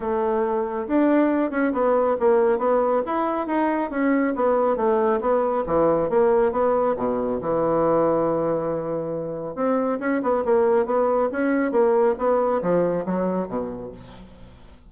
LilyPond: \new Staff \with { instrumentName = "bassoon" } { \time 4/4 \tempo 4 = 138 a2 d'4. cis'8 | b4 ais4 b4 e'4 | dis'4 cis'4 b4 a4 | b4 e4 ais4 b4 |
b,4 e2.~ | e2 c'4 cis'8 b8 | ais4 b4 cis'4 ais4 | b4 f4 fis4 b,4 | }